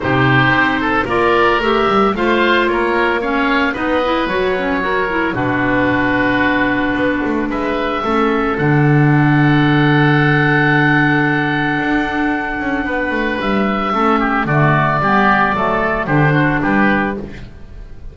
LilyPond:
<<
  \new Staff \with { instrumentName = "oboe" } { \time 4/4 \tempo 4 = 112 c''2 d''4 e''4 | f''4 cis''4 f''4 dis''4 | cis''2 b'2~ | b'2 e''2 |
fis''1~ | fis''1~ | fis''4 e''2 d''4~ | d''2 c''4 b'4 | }
  \new Staff \with { instrumentName = "oboe" } { \time 4/4 g'4. a'8 ais'2 | c''4 ais'4 cis''4 b'4~ | b'4 ais'4 fis'2~ | fis'2 b'4 a'4~ |
a'1~ | a'1 | b'2 a'8 g'8 fis'4 | g'4 a'4 g'8 fis'8 g'4 | }
  \new Staff \with { instrumentName = "clarinet" } { \time 4/4 dis'2 f'4 g'4 | f'2 cis'4 dis'8 e'8 | fis'8 cis'8 fis'8 e'8 d'2~ | d'2. cis'4 |
d'1~ | d'1~ | d'2 cis'4 a4 | b4 a4 d'2 | }
  \new Staff \with { instrumentName = "double bass" } { \time 4/4 c4 c'4 ais4 a8 g8 | a4 ais2 b4 | fis2 b,2~ | b,4 b8 a8 gis4 a4 |
d1~ | d2 d'4. cis'8 | b8 a8 g4 a4 d4 | g4 fis4 d4 g4 | }
>>